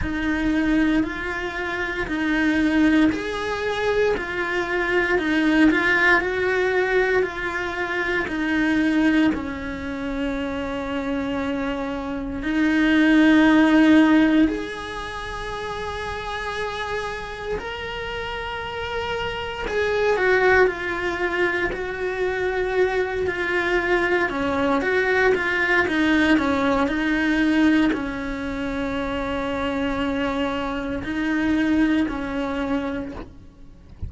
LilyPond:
\new Staff \with { instrumentName = "cello" } { \time 4/4 \tempo 4 = 58 dis'4 f'4 dis'4 gis'4 | f'4 dis'8 f'8 fis'4 f'4 | dis'4 cis'2. | dis'2 gis'2~ |
gis'4 ais'2 gis'8 fis'8 | f'4 fis'4. f'4 cis'8 | fis'8 f'8 dis'8 cis'8 dis'4 cis'4~ | cis'2 dis'4 cis'4 | }